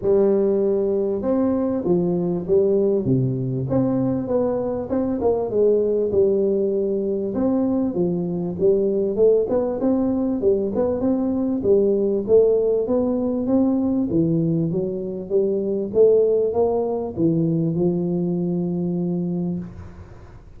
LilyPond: \new Staff \with { instrumentName = "tuba" } { \time 4/4 \tempo 4 = 98 g2 c'4 f4 | g4 c4 c'4 b4 | c'8 ais8 gis4 g2 | c'4 f4 g4 a8 b8 |
c'4 g8 b8 c'4 g4 | a4 b4 c'4 e4 | fis4 g4 a4 ais4 | e4 f2. | }